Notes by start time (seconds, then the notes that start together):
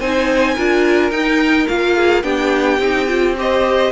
0.00 C4 D#4 C5 G#5
0.55 D4 F4 A#4
1.11 D#4 G5
1.68 A#3 F4 F5
1.96 G#4
2.23 B3 D4 G4 G5
2.79 C4 D#4
3.08 F4
3.38 G4 C5 D#5